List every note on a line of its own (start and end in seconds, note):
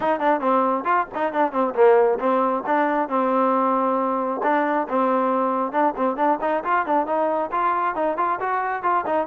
0.00 0.20 D#4
0.20 0.40 D4
0.40 0.84 C4
0.84 1.06 F4
1.15 1.33 D#4
1.33 1.52 D4
1.52 1.74 C4
1.74 2.18 A#3
2.19 2.63 C4
2.66 3.08 D4
3.08 4.41 C4
4.43 4.87 D4
4.88 5.72 C4
5.72 5.94 D4
5.96 6.16 C4
6.16 6.38 D4
6.41 6.63 D#4
6.64 6.85 F4
6.85 7.06 D4
7.06 7.50 D#4
7.51 7.95 F4
7.95 8.17 D#4
8.17 8.39 F4
8.40 8.82 F#4
8.82 9.04 F4
9.06 9.27 D#4